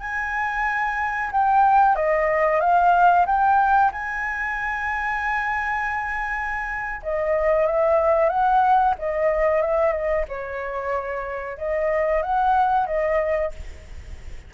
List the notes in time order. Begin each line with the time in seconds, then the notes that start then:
0.00 G#5
1.31 G5
1.95 D#5
2.60 F5
3.26 G5
3.92 G#5
7.03 D#5
7.66 E5
8.29 F#5
8.99 D#5
9.62 E5
9.92 D#5
10.28 C#5
11.58 D#5
12.23 F#5
12.86 D#5